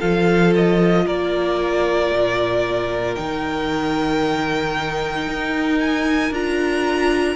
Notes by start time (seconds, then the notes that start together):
0.00 F3 F4 A4 F5
0.56 D#5
1.07 A#3 A#4 D5
2.11 A#2
3.16 D#3 D#4 G5
5.27 D#4
5.81 G#5
6.31 D4 F4 A#5